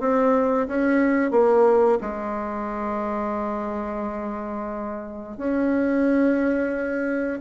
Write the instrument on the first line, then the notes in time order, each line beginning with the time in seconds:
bassoon
0.00 C4
0.68 C#4
1.31 A#3
2.01 G#3
5.37 C#4